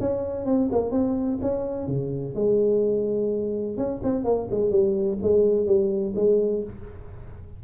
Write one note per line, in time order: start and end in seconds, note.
0.00 0.46 C#4
0.46 0.69 C4
0.72 0.91 A#3
0.91 1.39 C4
1.42 1.87 C#4
1.87 2.35 C#3
2.35 3.77 G#3
3.77 4.01 C#4
4.03 4.24 C4
4.24 4.48 A#3
4.51 4.71 G#3
4.71 5.19 G3
5.22 5.66 G#3
5.66 6.14 G3
6.16 6.63 G#3